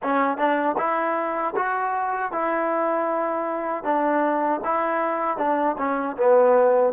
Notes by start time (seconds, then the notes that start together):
0.02 C#4
0.37 D4
0.77 E4
1.56 F#4
2.31 E4
3.84 D4
4.64 E4
5.37 D4
5.78 C#4
6.16 B3